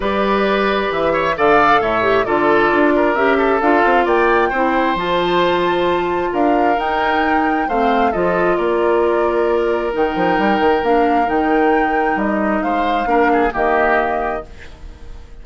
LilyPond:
<<
  \new Staff \with { instrumentName = "flute" } { \time 4/4 \tempo 4 = 133 d''2 e''4 f''4 | e''4 d''2 e''4 | f''4 g''2 a''4~ | a''2 f''4 g''4~ |
g''4 f''4 dis''4 d''4~ | d''2 g''2 | f''4 g''2 dis''4 | f''2 dis''2 | }
  \new Staff \with { instrumentName = "oboe" } { \time 4/4 b'2~ b'8 cis''8 d''4 | cis''4 a'4. ais'4 a'8~ | a'4 d''4 c''2~ | c''2 ais'2~ |
ais'4 c''4 a'4 ais'4~ | ais'1~ | ais'1 | c''4 ais'8 gis'8 g'2 | }
  \new Staff \with { instrumentName = "clarinet" } { \time 4/4 g'2. a'4~ | a'8 g'8 f'2 g'4 | f'2 e'4 f'4~ | f'2. dis'4~ |
dis'4 c'4 f'2~ | f'2 dis'2 | d'4 dis'2.~ | dis'4 d'4 ais2 | }
  \new Staff \with { instrumentName = "bassoon" } { \time 4/4 g2 e4 d4 | a,4 d4 d'4 cis'4 | d'8 c'8 ais4 c'4 f4~ | f2 d'4 dis'4~ |
dis'4 a4 f4 ais4~ | ais2 dis8 f8 g8 dis8 | ais4 dis2 g4 | gis4 ais4 dis2 | }
>>